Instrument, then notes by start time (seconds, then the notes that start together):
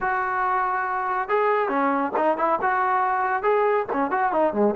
trombone
0.00 F#4
1.28 G#4
1.68 C#4
2.16 D#4
2.37 E4
2.61 F#4
3.43 G#4
3.92 C#4
4.10 F#4
4.32 D#4
4.53 G#3